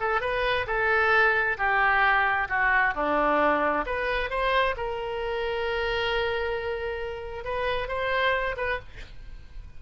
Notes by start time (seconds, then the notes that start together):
0.00 A4
0.21 B4
0.67 A4
1.58 G4
2.49 F#4
2.95 D4
3.86 B4
4.30 C5
4.77 A#4
7.45 B4
7.88 C5
8.57 B4